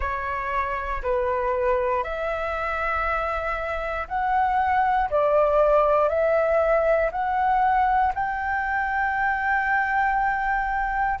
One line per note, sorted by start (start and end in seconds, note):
0.00 1.02 C#5
1.03 2.03 B4
2.03 4.07 E5
4.08 5.09 F#5
5.10 6.08 D5
6.08 7.10 E5
7.11 8.13 F#5
8.14 11.19 G5